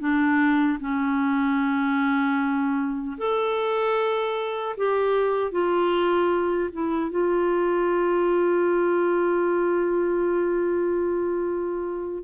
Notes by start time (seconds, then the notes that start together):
0.00 D4
0.80 C#4
3.18 A4
4.77 G4
5.52 F4
6.73 E4
7.11 F4